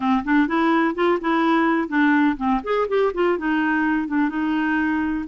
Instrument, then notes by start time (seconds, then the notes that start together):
clarinet
0.00 C4
0.24 D4
0.47 E4
0.94 F4
1.20 E4
1.88 D4
2.36 C4
2.63 G#4
2.88 G4
3.14 F4
3.38 D#4
4.07 D4
4.29 D#4